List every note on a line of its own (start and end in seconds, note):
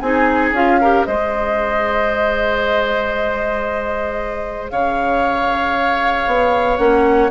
0.00 0.52 C4
0.00 0.55 D#4
0.00 0.80 G#4
0.00 0.52 G#5
0.52 1.04 C#4
0.52 0.81 F4
0.52 1.05 F5
0.80 1.07 G4
0.80 1.06 A#4
1.05 4.71 G#3
1.05 6.78 G#4
1.05 4.71 C5
1.05 4.70 D#5
4.70 6.26 C#3
4.70 7.30 C#5
4.70 6.77 F5
6.26 6.78 B3
6.77 7.30 A#3
6.77 7.30 C#4
6.77 7.29 F#5